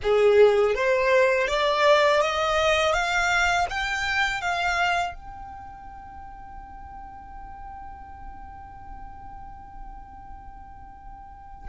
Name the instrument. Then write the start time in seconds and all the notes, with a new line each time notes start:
violin
0.02 G#4
0.74 C5
1.47 D5
2.20 D#5
2.93 F5
3.69 G5
4.41 F5
5.14 G5